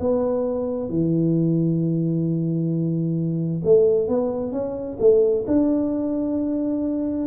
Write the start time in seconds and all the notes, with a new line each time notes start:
0.00 B3
0.89 E3
3.64 A3
4.08 B3
4.52 C#4
5.00 A3
5.47 D4